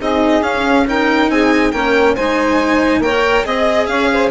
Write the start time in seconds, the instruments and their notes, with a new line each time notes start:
0.00 bassoon C4, cello D#4, saxophone G#4, violin D#5
0.41 bassoon C#4, cello C#4, violin F5
0.87 cello D#4, saxophone A#4, violin G5
1.30 bassoon C4, saxophone G#4, violin G#5
1.72 bassoon A#3, cello C#4, saxophone A#4, violin G5
2.15 bassoon G#3, cello D#4, saxophone C5, violin G#5
3.00 bassoon A#3, cello A#4, saxophone C#5, violin G5
3.45 bassoon C4, cello G#4, saxophone D#5, violin D#5
3.87 bassoon C#4, saxophone C#5, violin F5
4.13 saxophone C5